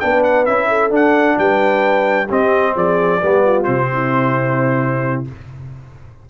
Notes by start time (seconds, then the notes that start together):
0.00 B3 D4 B4 G5
0.23 F#5
0.46 C#4 E4 E5
0.69 A4
0.90 D4 F#5
1.38 G3 B4 G5
2.27 C4 G4 D#5
2.76 F3 G#4 D5
3.22 G3 B3 G4
3.44 F4
3.64 C3 C4 C5
3.93 E4